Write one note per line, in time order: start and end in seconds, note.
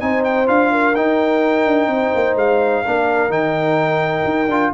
0.00 0.49 C4
0.00 0.47 D#4
0.00 0.72 C5
0.00 0.24 G#5
0.25 0.48 G5
0.47 0.96 D4
0.47 0.94 F4
0.47 0.96 F5
0.72 1.90 A#4
0.96 1.67 D#4
0.96 2.86 D#4
0.96 2.37 G5
1.67 1.88 D4
1.88 2.11 C4
1.94 2.85 C5
2.15 2.36 A#3
2.36 2.83 G#3
2.36 3.32 F5
2.85 3.30 A#3
2.85 3.30 D4
2.85 4.74 A#4
3.30 4.24 D#3
3.30 4.48 D#4
3.30 4.74 G5
4.25 4.48 D#4
4.48 4.71 D4
4.48 4.74 F4